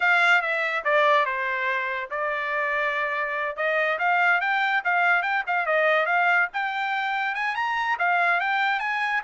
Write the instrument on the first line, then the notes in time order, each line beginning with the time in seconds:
trumpet
0.00 F5
0.41 E5
0.84 D5
1.25 C5
2.10 D5
3.56 D#5
3.99 F5
4.41 G5
4.84 F5
5.22 G5
5.46 F5
5.65 D#5
6.06 F5
6.53 G5
7.34 G#5
7.55 A#5
7.99 F5
8.40 G5
8.79 G#5